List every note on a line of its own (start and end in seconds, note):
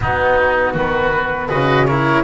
0.00 1.48 B3
0.00 0.74 B3
0.00 0.73 D#4
0.00 0.78 F#4
0.73 1.49 D#3
0.73 1.48 F#4
0.73 1.48 B4
1.48 2.23 C#3
1.48 1.86 F#4
1.48 1.86 B4
1.48 1.86 D#5
1.86 2.23 E4
1.86 2.23 A#4
1.86 2.23 C#5